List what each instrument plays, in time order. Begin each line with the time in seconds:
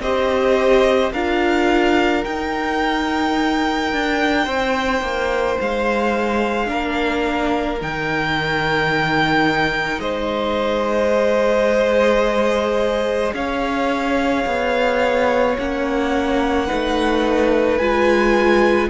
0.00 cello C4, viola G4, violin C5 D#5
1.12 cello D4, viola F4, violin A#4 F5
2.23 viola D#4, cello D#4, violin G5
3.92 cello D4
4.44 cello C4, violin C5
5.01 cello A#3
5.60 cello G#3, violin F5
6.66 cello A#3, viola D4, violin A#4
7.81 cello D#3, viola D#4, violin G5
9.98 cello G#3, violin C5 D#5
11.10 viola G#4
13.34 cello C#4, violin C#5 F5
14.46 cello B3
15.58 cello A#3, viola C#4, violin F#5
16.66 cello A3, viola D#4, violin B4
17.77 cello G#3, viola F4, violin G#5